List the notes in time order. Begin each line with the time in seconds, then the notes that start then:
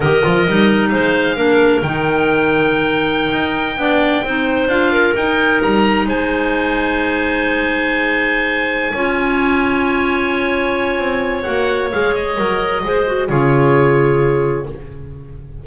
0.00 D#3 G4 A#4 D#5
0.22 F3 F4
0.47 G3 D#4
0.89 G#3 C5 F5
1.35 A#3 D4 A#4
1.82 D#3 D#4 G5
3.32 D#4
3.77 B3 D4 D5
4.24 C4 D#4 C5
4.67 D4 F4 F5
4.92 A#4
5.15 D#4 G5
5.62 G3 A#5
6.05 G#3 C5 G#5
8.94 C#4 F4 C#5
10.98 C4
11.43 A#3 F#4 F#5
11.90 G#3 G#4 F5
12.14 D#5
12.36 F#3 A#4
12.83 G#3 G#4 C5
13.06 F#4
13.28 C#3 F4 G#4 C#5